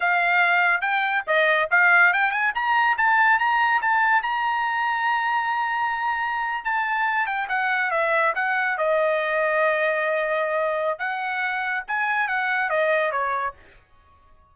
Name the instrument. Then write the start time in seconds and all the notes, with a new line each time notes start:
trumpet
0.00 F5
0.81 G5
1.26 D#5
1.70 F5
2.13 G5
2.31 G#5
2.54 A#5
2.97 A5
3.39 A#5
3.81 A5
4.22 A#5
6.64 A5
7.26 G5
7.48 F#5
7.91 E5
8.35 F#5
8.77 D#5
10.99 F#5
11.87 G#5
12.28 F#5
12.69 D#5
13.11 C#5